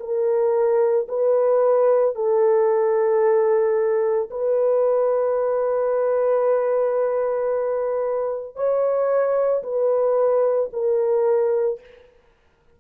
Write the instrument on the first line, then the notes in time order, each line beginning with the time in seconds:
horn
0.00 A#4
1.08 B4
2.15 A4
4.31 B4
8.56 C#5
9.63 B4
10.73 A#4